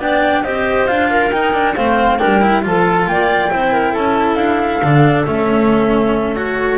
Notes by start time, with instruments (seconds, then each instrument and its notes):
0.00 double bass B3, cello D4, clarinet D5, flute G5
0.44 double bass C4, cello G4, clarinet C5, flute D#5
0.87 double bass D4, cello F4, flute F5
1.11 clarinet A#4
1.31 double bass D#4, cello D#4, flute G5
1.54 cello D4
1.75 double bass A3, cello C4, clarinet C5, flute F5
2.19 double bass G3, cello D4, clarinet A#4, flute G5
2.41 cello E4
2.63 double bass F3, cello F4, clarinet A4, flute A5
3.07 double bass A#3, clarinet D5, flute G5
3.51 double bass C4, cello E4, clarinet C5
3.73 clarinet A#4
3.92 double bass C#4, clarinet A4, flute A5
4.35 double bass D4, flute F5
4.83 double bass D3, cello D4
5.26 double bass A3, cello C#4, flute E5
6.36 cello F#4, flute C#5